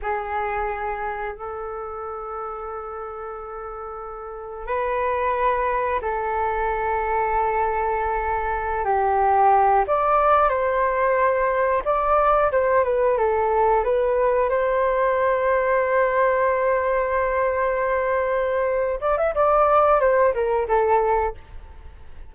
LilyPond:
\new Staff \with { instrumentName = "flute" } { \time 4/4 \tempo 4 = 90 gis'2 a'2~ | a'2. b'4~ | b'4 a'2.~ | a'4~ a'16 g'4. d''4 c''16~ |
c''4.~ c''16 d''4 c''8 b'8 a'16~ | a'8. b'4 c''2~ c''16~ | c''1~ | c''8 d''16 e''16 d''4 c''8 ais'8 a'4 | }